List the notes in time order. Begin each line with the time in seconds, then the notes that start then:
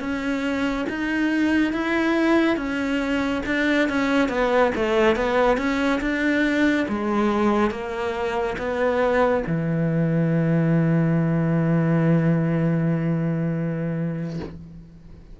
0.00 C#4
0.89 D#4
1.73 E4
2.57 C#4
3.46 D4
3.89 C#4
4.29 B3
4.75 A3
5.16 B3
5.57 C#4
6.01 D4
6.88 G#3
7.71 A#3
8.58 B3
9.47 E3